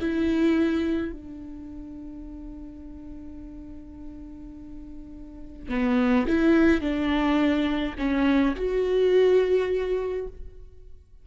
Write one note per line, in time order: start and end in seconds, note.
0.00 1.12 E4
1.12 5.69 D4
5.69 6.26 B3
6.28 6.81 E4
6.81 7.95 D4
7.98 8.55 C#4
8.56 10.27 F#4